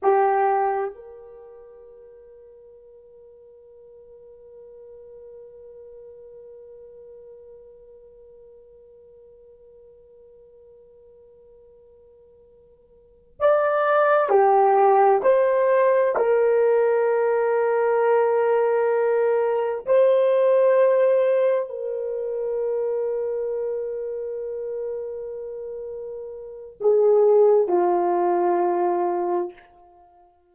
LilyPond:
\new Staff \with { instrumentName = "horn" } { \time 4/4 \tempo 4 = 65 g'4 ais'2.~ | ais'1~ | ais'1~ | ais'2~ ais'8 d''4 g'8~ |
g'8 c''4 ais'2~ ais'8~ | ais'4. c''2 ais'8~ | ais'1~ | ais'4 gis'4 f'2 | }